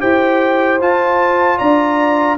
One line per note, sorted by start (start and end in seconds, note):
0.00 0.81 E4
0.00 0.79 G4
0.00 1.58 C5
0.00 0.79 G5
0.81 1.60 F4
0.81 2.38 F4
0.81 1.58 A5
1.58 2.38 D4
1.58 2.37 D5
1.58 2.37 A#5